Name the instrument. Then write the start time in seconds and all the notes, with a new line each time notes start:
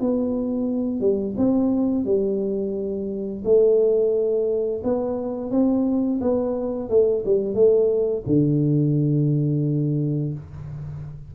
tuba
0.00 B3
1.00 G3
1.37 C4
2.05 G3
3.44 A3
4.83 B3
5.51 C4
6.21 B3
6.89 A3
7.25 G3
7.54 A3
8.26 D3